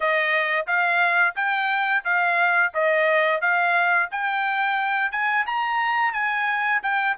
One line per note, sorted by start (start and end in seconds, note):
0.00 0.66 D#5
0.66 1.35 F5
1.35 2.04 G5
2.04 2.72 F5
2.74 3.41 D#5
3.41 4.09 F5
4.11 5.11 G5
5.11 5.45 G#5
5.46 6.13 A#5
6.13 6.81 G#5
6.82 7.16 G5